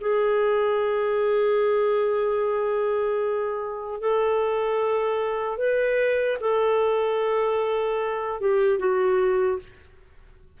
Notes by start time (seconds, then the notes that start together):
0.00 G#4
4.00 A4
5.57 B4
6.40 A4
8.40 G4
8.78 F#4